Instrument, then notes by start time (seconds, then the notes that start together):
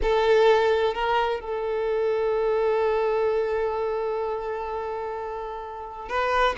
violin
0.02 A4
0.94 A#4
1.40 A4
6.08 B4